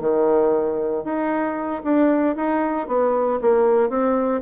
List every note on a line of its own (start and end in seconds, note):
0.00 1.04 D#3
1.04 1.82 D#4
1.84 2.36 D4
2.36 2.87 D#4
2.87 3.39 B3
3.41 3.89 A#3
3.89 4.41 C4